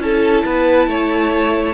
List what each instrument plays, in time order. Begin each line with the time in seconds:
0.00 cello C#4, viola E4, violin A4 A5
0.46 cello B3, violin B4
0.87 cello A3, violin C#5